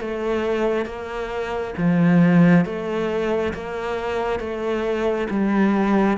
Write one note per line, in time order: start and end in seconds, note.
0.00 0.85 A3
0.85 1.74 A#3
1.77 2.65 F3
2.65 3.53 A3
3.53 4.39 A#3
4.39 5.27 A3
5.30 6.17 G3